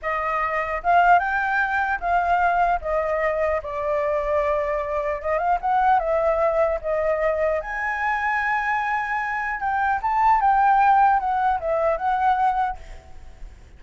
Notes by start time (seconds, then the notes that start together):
0.02 D#5
0.83 F5
1.19 G5
2.00 F5
2.81 D#5
3.62 D5
5.21 D#5
5.38 F5
5.61 F#5
5.99 E5
6.81 D#5
7.60 G#5
9.59 G5
10.01 A5
10.40 G5
11.19 F#5
11.60 E5
11.97 F#5